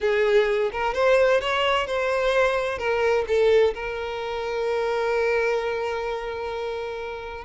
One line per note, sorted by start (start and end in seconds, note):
0.01 0.70 G#4
0.71 0.94 A#4
0.94 1.40 C5
1.40 1.86 C#5
1.86 2.78 C5
2.78 3.24 A#4
3.27 3.74 A4
3.74 7.44 A#4